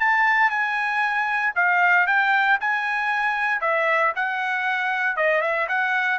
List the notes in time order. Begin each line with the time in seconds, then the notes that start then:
0.00 A5
0.50 G#5
1.55 F5
2.07 G5
2.61 G#5
3.61 E5
4.16 F#5
5.17 D#5
5.41 E5
5.69 F#5